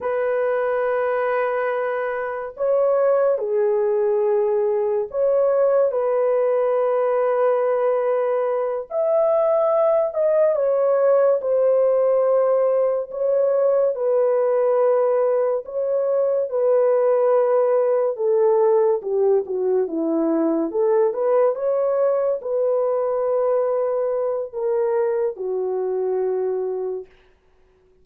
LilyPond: \new Staff \with { instrumentName = "horn" } { \time 4/4 \tempo 4 = 71 b'2. cis''4 | gis'2 cis''4 b'4~ | b'2~ b'8 e''4. | dis''8 cis''4 c''2 cis''8~ |
cis''8 b'2 cis''4 b'8~ | b'4. a'4 g'8 fis'8 e'8~ | e'8 a'8 b'8 cis''4 b'4.~ | b'4 ais'4 fis'2 | }